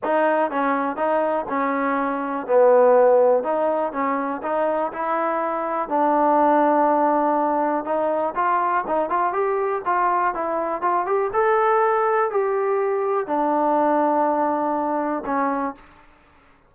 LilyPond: \new Staff \with { instrumentName = "trombone" } { \time 4/4 \tempo 4 = 122 dis'4 cis'4 dis'4 cis'4~ | cis'4 b2 dis'4 | cis'4 dis'4 e'2 | d'1 |
dis'4 f'4 dis'8 f'8 g'4 | f'4 e'4 f'8 g'8 a'4~ | a'4 g'2 d'4~ | d'2. cis'4 | }